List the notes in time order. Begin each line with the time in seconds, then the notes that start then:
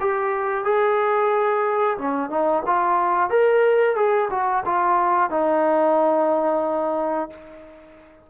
0.00 G4
0.64 G#4
1.98 C#4
2.30 D#4
2.66 F4
3.30 A#4
3.95 G#4
4.30 F#4
4.65 F4
5.30 D#4